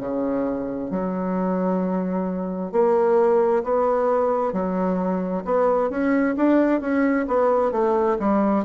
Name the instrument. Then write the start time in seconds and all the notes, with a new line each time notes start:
bassoon
0.00 C#3
0.90 F#3
2.72 A#3
3.64 B3
4.53 F#3
5.45 B3
5.90 C#4
6.37 D4
6.81 C#4
7.28 B3
7.71 A3
8.19 G3